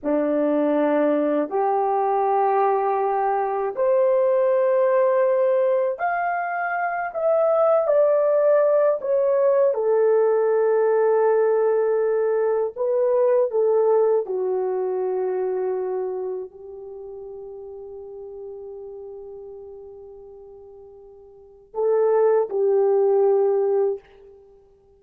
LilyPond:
\new Staff \with { instrumentName = "horn" } { \time 4/4 \tempo 4 = 80 d'2 g'2~ | g'4 c''2. | f''4. e''4 d''4. | cis''4 a'2.~ |
a'4 b'4 a'4 fis'4~ | fis'2 g'2~ | g'1~ | g'4 a'4 g'2 | }